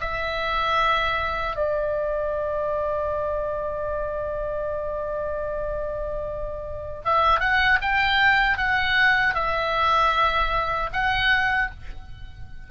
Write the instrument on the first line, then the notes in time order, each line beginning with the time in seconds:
oboe
0.00 E5
1.56 D5
7.04 E5
7.40 F#5
7.81 G5
8.57 F#5
9.34 E5
10.92 F#5